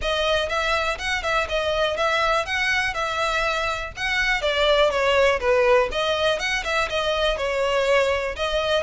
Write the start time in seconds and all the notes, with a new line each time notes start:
0.01 D#5
0.49 E5
0.98 F#5
1.22 E5
1.48 D#5
1.96 E5
2.45 F#5
2.94 E5
3.96 F#5
4.41 D5
4.90 C#5
5.39 B4
5.91 D#5
6.39 F#5
6.64 E5
6.89 D#5
7.37 C#5
8.36 D#5